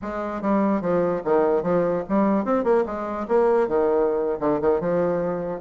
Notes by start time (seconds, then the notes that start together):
0.01 G#3
0.41 G3
0.81 F3
1.24 D#3
1.62 F3
2.08 G3
2.45 C4
2.64 A#3
2.86 G#3
3.27 A#3
3.68 D#3
4.40 D3
4.61 D#3
4.80 F3